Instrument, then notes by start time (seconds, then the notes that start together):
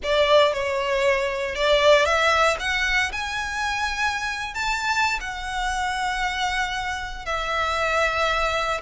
violin
0.03 D5
0.53 C#5
1.55 D5
2.05 E5
2.59 F#5
3.12 G#5
4.54 A5
5.20 F#5
7.25 E5